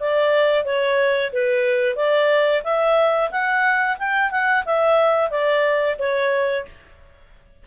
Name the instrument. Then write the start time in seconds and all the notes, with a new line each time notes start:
clarinet
0.00 D5
0.65 C#5
1.32 B4
1.96 D5
2.64 E5
3.31 F#5
3.98 G5
4.31 F#5
4.65 E5
5.30 D5
5.99 C#5